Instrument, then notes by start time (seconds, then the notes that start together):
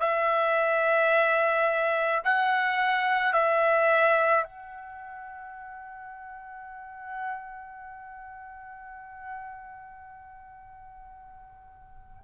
trumpet
0.00 E5
2.24 F#5
3.33 E5
4.44 F#5